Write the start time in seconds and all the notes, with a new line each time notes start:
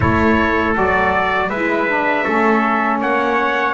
0.00 A3 E4 A4 C#5
0.74 F#3 F#4 D5
1.49 G#3 E4 B4 E5
1.88 D4
2.24 A3 C#4 A4
3.00 A#3 C#5 F#5